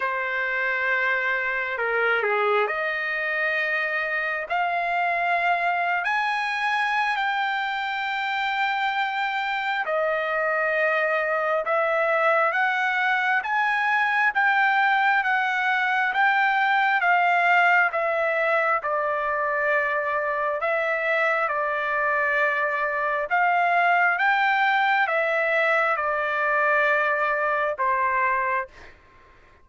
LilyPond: \new Staff \with { instrumentName = "trumpet" } { \time 4/4 \tempo 4 = 67 c''2 ais'8 gis'8 dis''4~ | dis''4 f''4.~ f''16 gis''4~ gis''16 | g''2. dis''4~ | dis''4 e''4 fis''4 gis''4 |
g''4 fis''4 g''4 f''4 | e''4 d''2 e''4 | d''2 f''4 g''4 | e''4 d''2 c''4 | }